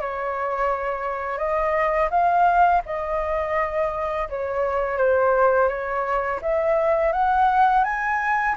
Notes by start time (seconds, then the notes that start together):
0.00 C#5
1.38 D#5
2.10 F5
2.85 D#5
4.29 C#5
4.97 C5
5.68 C#5
6.41 E5
7.12 F#5
7.84 G#5